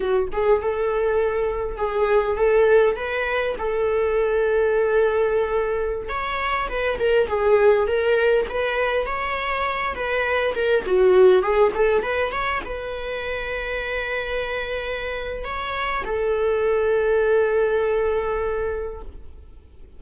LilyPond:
\new Staff \with { instrumentName = "viola" } { \time 4/4 \tempo 4 = 101 fis'8 gis'8 a'2 gis'4 | a'4 b'4 a'2~ | a'2~ a'16 cis''4 b'8 ais'16~ | ais'16 gis'4 ais'4 b'4 cis''8.~ |
cis''8. b'4 ais'8 fis'4 gis'8 a'16~ | a'16 b'8 cis''8 b'2~ b'8.~ | b'2 cis''4 a'4~ | a'1 | }